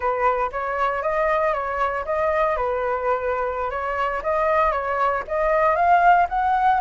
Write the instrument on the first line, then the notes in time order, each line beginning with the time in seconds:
flute
0.00 B4
0.52 C#5
1.02 D#5
1.53 C#5
2.05 D#5
2.56 B4
3.70 C#5
4.22 D#5
4.72 C#5
5.27 D#5
5.75 F5
6.29 F#5